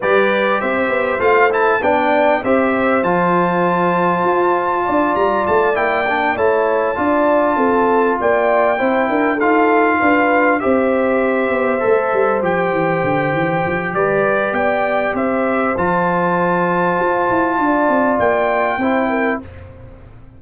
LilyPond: <<
  \new Staff \with { instrumentName = "trumpet" } { \time 4/4 \tempo 4 = 99 d''4 e''4 f''8 a''8 g''4 | e''4 a''2.~ | a''8 ais''8 a''8 g''4 a''4.~ | a''4. g''2 f''8~ |
f''4. e''2~ e''8~ | e''8 g''2~ g''8 d''4 | g''4 e''4 a''2~ | a''2 g''2 | }
  \new Staff \with { instrumentName = "horn" } { \time 4/4 b'4 c''2 d''4 | c''1 | d''2~ d''8 cis''4 d''8~ | d''8 a'4 d''4 c''8 ais'8 a'8~ |
a'8 b'4 c''2~ c''8~ | c''2. b'4 | d''4 c''2.~ | c''4 d''2 c''8 ais'8 | }
  \new Staff \with { instrumentName = "trombone" } { \time 4/4 g'2 f'8 e'8 d'4 | g'4 f'2.~ | f'4. e'8 d'8 e'4 f'8~ | f'2~ f'8 e'4 f'8~ |
f'4. g'2 a'8~ | a'8 g'2.~ g'8~ | g'2 f'2~ | f'2. e'4 | }
  \new Staff \with { instrumentName = "tuba" } { \time 4/4 g4 c'8 b8 a4 b4 | c'4 f2 f'4 | d'8 g8 a8 ais4 a4 d'8~ | d'8 c'4 ais4 c'8 d'8 dis'8~ |
dis'8 d'4 c'4. b8 a8 | g8 f8 e8 d8 e8 f8 g4 | b4 c'4 f2 | f'8 e'8 d'8 c'8 ais4 c'4 | }
>>